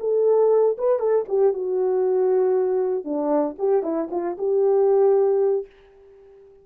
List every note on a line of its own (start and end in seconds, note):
0.00 0.77 A4
0.78 0.99 B4
0.99 1.25 A4
1.28 1.53 G4
1.53 3.04 F#4
3.04 3.56 D4
3.58 3.83 G4
3.83 4.09 E4
4.11 4.37 F4
4.38 5.66 G4